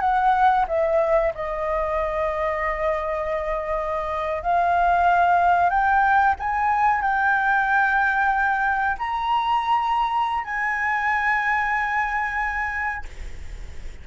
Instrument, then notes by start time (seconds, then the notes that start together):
flute
0.00 F#5
0.68 E5
1.34 D#5
4.42 F5
5.69 G5
6.39 G#5
7.01 G5
8.99 A#5
10.44 G#5